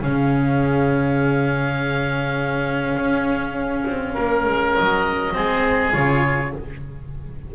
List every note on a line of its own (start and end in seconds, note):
0.00 2.95 C#3
0.00 5.33 C#4
0.00 4.14 G#4
0.00 4.77 F5
2.95 3.84 C#4
3.86 4.16 C4
4.14 4.44 A#3
4.14 5.33 A#4
4.44 4.74 G#3
4.77 5.35 F#3
4.77 5.93 D#5
5.33 5.94 G#3
5.33 5.91 C4
5.33 6.54 G#4
5.91 6.53 C#3
5.91 6.50 F4
5.91 6.52 C#5